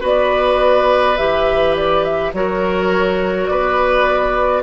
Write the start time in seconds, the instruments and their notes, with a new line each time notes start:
0.00 bassoon B3, clarinet F#4, oboe B4, flute D5
1.17 bassoon E3, clarinet G4, flute E5
1.76 flute D5
2.04 flute E5
2.32 bassoon F#3, clarinet F#4, oboe A#4, flute C#5
3.47 bassoon B3, oboe B4, flute D5